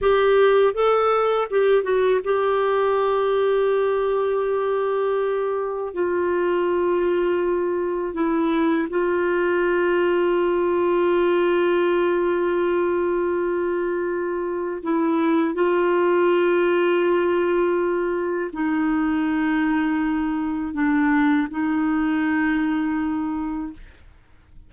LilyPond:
\new Staff \with { instrumentName = "clarinet" } { \time 4/4 \tempo 4 = 81 g'4 a'4 g'8 fis'8 g'4~ | g'1 | f'2. e'4 | f'1~ |
f'1 | e'4 f'2.~ | f'4 dis'2. | d'4 dis'2. | }